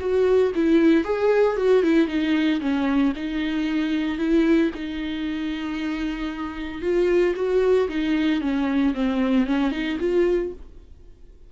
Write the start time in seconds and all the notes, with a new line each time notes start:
0.00 F#4
0.55 E4
1.05 G#4
1.57 F#4
1.83 E4
2.08 D#4
2.61 C#4
3.16 D#4
4.18 E4
4.75 D#4
6.82 F4
7.36 F#4
7.89 D#4
8.41 C#4
8.94 C4
9.47 C#4
9.72 D#4
10.00 F4